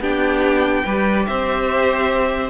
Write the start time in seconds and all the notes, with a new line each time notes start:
0.00 B3 D4 G4 G5
0.84 G3 G4 B4
1.26 C4 C5 E5